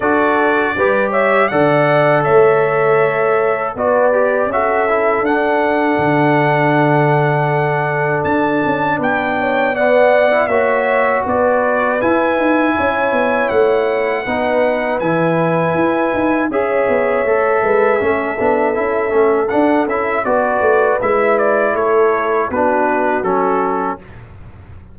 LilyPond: <<
  \new Staff \with { instrumentName = "trumpet" } { \time 4/4 \tempo 4 = 80 d''4. e''8 fis''4 e''4~ | e''4 d''4 e''4 fis''4~ | fis''2. a''4 | g''4 fis''4 e''4 d''4 |
gis''2 fis''2 | gis''2 e''2~ | e''2 fis''8 e''8 d''4 | e''8 d''8 cis''4 b'4 a'4 | }
  \new Staff \with { instrumentName = "horn" } { \time 4/4 a'4 b'8 cis''8 d''4 cis''4~ | cis''4 b'4 a'2~ | a'1 | b'8 cis''8 d''4 cis''4 b'4~ |
b'4 cis''2 b'4~ | b'2 cis''4. b'8 | a'2. b'4~ | b'4 a'4 fis'2 | }
  \new Staff \with { instrumentName = "trombone" } { \time 4/4 fis'4 g'4 a'2~ | a'4 fis'8 g'8 fis'8 e'8 d'4~ | d'1~ | d'4 b8. e'16 fis'2 |
e'2. dis'4 | e'2 gis'4 a'4 | cis'8 d'8 e'8 cis'8 d'8 e'8 fis'4 | e'2 d'4 cis'4 | }
  \new Staff \with { instrumentName = "tuba" } { \time 4/4 d'4 g4 d4 a4~ | a4 b4 cis'4 d'4 | d2. d'8 cis'8 | b2 ais4 b4 |
e'8 dis'8 cis'8 b8 a4 b4 | e4 e'8 dis'8 cis'8 b8 a8 gis8 | a8 b8 cis'8 a8 d'8 cis'8 b8 a8 | gis4 a4 b4 fis4 | }
>>